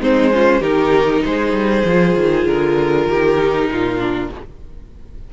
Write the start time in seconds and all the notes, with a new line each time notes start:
0.00 G#3 C4 D#4 C5
0.32 C#4 F4
0.60 D#3 D#4 G4 A#4
1.25 G#3 G#4 C5
1.52 G3
1.85 F3 F4
2.16 D#3
2.46 D3 A#4
3.07 D#3 G4
3.38 D#4
3.68 A#2 F4
3.99 D4